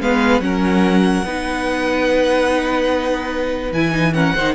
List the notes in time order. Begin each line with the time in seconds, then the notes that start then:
0.00 G#3 B3 B4 F5
0.39 F#3 C#4 A#4 F#5
1.24 B3 D#4 B4
3.71 E3 E4 G#5
3.91 D#4
4.13 C#4 A#4 F#5
4.34 D#3 D#4 C5